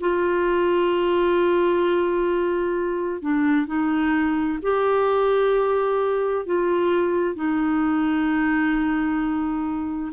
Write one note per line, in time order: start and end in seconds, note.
0.00 3.21 F4
3.21 3.66 D4
3.66 4.59 D#4
4.62 6.45 G4
6.45 7.35 F4
7.35 10.12 D#4